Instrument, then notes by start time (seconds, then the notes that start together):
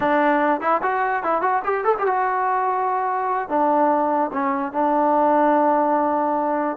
trombone
0.00 D4
0.60 E4
0.82 F#4
1.23 E4
1.41 F#4
1.64 G4
1.84 A4
1.98 G4
2.06 F#4
3.48 D4
4.32 C#4
4.72 D4